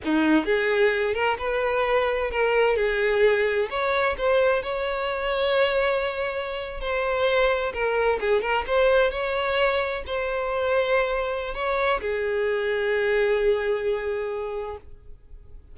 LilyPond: \new Staff \with { instrumentName = "violin" } { \time 4/4 \tempo 4 = 130 dis'4 gis'4. ais'8 b'4~ | b'4 ais'4 gis'2 | cis''4 c''4 cis''2~ | cis''2~ cis''8. c''4~ c''16~ |
c''8. ais'4 gis'8 ais'8 c''4 cis''16~ | cis''4.~ cis''16 c''2~ c''16~ | c''4 cis''4 gis'2~ | gis'1 | }